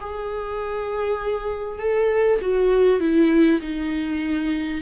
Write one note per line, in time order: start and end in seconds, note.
0.00 1.79 G#4
1.79 2.39 A4
2.41 2.99 F#4
2.99 3.60 E4
3.60 4.81 D#4